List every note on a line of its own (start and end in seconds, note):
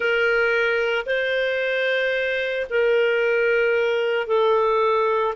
0.00 1.05 A#4
1.06 2.66 C5
2.69 4.27 A#4
4.27 5.34 A4